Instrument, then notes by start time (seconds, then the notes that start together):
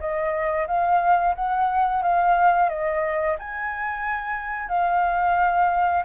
flute
0.00 D#5
0.68 F5
1.36 F#5
2.03 F5
2.69 D#5
3.39 G#5
4.69 F5